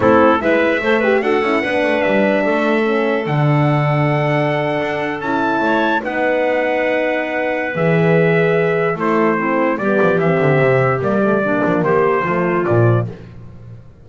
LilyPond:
<<
  \new Staff \with { instrumentName = "trumpet" } { \time 4/4 \tempo 4 = 147 a'4 e''2 fis''4~ | fis''4 e''2. | fis''1~ | fis''8. a''2 fis''4~ fis''16~ |
fis''2. e''4~ | e''2 c''2 | d''4 e''2 d''4~ | d''4 c''2 d''4 | }
  \new Staff \with { instrumentName = "clarinet" } { \time 4/4 e'4 b'4 c''8 b'8 a'4 | b'2 a'2~ | a'1~ | a'4.~ a'16 cis''4 b'4~ b'16~ |
b'1~ | b'2 a'4 e'4 | g'1 | d'4 g'4 f'2 | }
  \new Staff \with { instrumentName = "horn" } { \time 4/4 c'4 e'4 a'8 g'8 fis'8 e'8 | d'2. cis'4 | d'1~ | d'8. e'2 dis'4~ dis'16~ |
dis'2. gis'4~ | gis'2 e'4 c'4 | b4 c'2 ais8 a8 | ais2 a4 f4 | }
  \new Staff \with { instrumentName = "double bass" } { \time 4/4 a4 gis4 a4 d'8 cis'8 | b8 a8 g4 a2 | d2.~ d8. d'16~ | d'8. cis'4 a4 b4~ b16~ |
b2. e4~ | e2 a2 | g8 f8 e8 d8 c4 g4~ | g8 f8 dis4 f4 ais,4 | }
>>